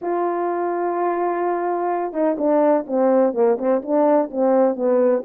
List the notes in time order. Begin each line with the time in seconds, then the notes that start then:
0.01 F4
2.12 D#4
2.37 D4
2.86 C4
3.33 A#3
3.58 C4
3.82 D4
4.31 C4
4.75 B3